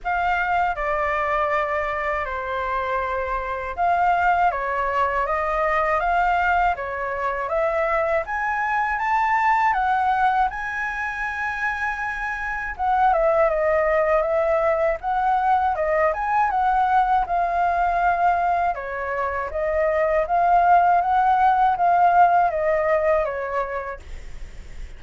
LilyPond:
\new Staff \with { instrumentName = "flute" } { \time 4/4 \tempo 4 = 80 f''4 d''2 c''4~ | c''4 f''4 cis''4 dis''4 | f''4 cis''4 e''4 gis''4 | a''4 fis''4 gis''2~ |
gis''4 fis''8 e''8 dis''4 e''4 | fis''4 dis''8 gis''8 fis''4 f''4~ | f''4 cis''4 dis''4 f''4 | fis''4 f''4 dis''4 cis''4 | }